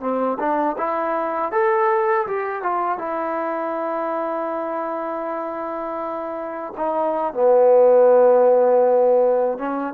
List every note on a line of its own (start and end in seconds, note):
0.00 0.38 C4
0.39 0.76 D4
0.78 1.52 E4
1.52 2.27 A4
2.27 2.62 G4
2.62 2.98 F4
2.98 6.73 E4
6.77 7.33 D#4
7.33 9.58 B3
9.58 9.93 C#4